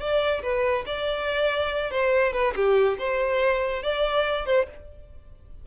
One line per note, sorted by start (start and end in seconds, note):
0.00 0.42 D5
0.43 0.85 B4
0.86 1.91 D5
1.91 2.33 C5
2.33 2.54 B4
2.56 2.98 G4
2.99 3.83 C5
3.83 4.46 D5
4.46 4.67 C5